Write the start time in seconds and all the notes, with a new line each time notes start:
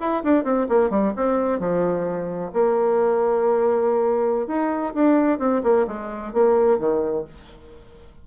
0.00 E4
0.24 D4
0.44 C4
0.69 A#3
0.90 G3
1.16 C4
1.59 F3
2.53 A#3
4.47 D#4
4.95 D4
5.39 C4
5.63 A#3
5.87 G#3
6.34 A#3
6.79 D#3